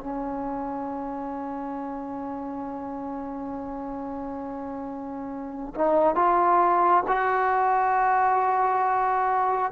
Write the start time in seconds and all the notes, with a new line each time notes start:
0.00 C#4
5.74 D#4
6.15 F4
7.07 F#4